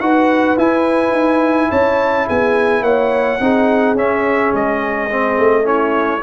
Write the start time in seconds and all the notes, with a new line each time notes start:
0.00 D#4 F#4 B4 F#5
0.57 E4 G#5
1.11 D#4
1.70 C#4 C#5 A5
2.27 B3 G#4 G#5
2.81 A#3 C#5 F#5
3.40 C4 D#4 G#4
3.95 C#4 E5
4.54 G#3 D#5
5.11 C4
5.38 A3
5.64 C#4 E4 C#5